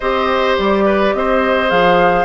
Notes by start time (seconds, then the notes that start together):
0.00 C4 G4 C5 D#5
0.57 G3 D5
0.85 B4
1.13 C4 C5 D#5
1.68 F3 G#4 F5